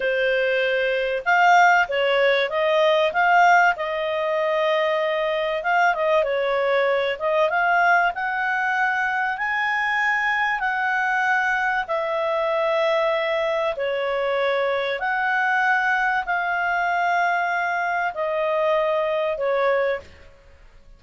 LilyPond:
\new Staff \with { instrumentName = "clarinet" } { \time 4/4 \tempo 4 = 96 c''2 f''4 cis''4 | dis''4 f''4 dis''2~ | dis''4 f''8 dis''8 cis''4. dis''8 | f''4 fis''2 gis''4~ |
gis''4 fis''2 e''4~ | e''2 cis''2 | fis''2 f''2~ | f''4 dis''2 cis''4 | }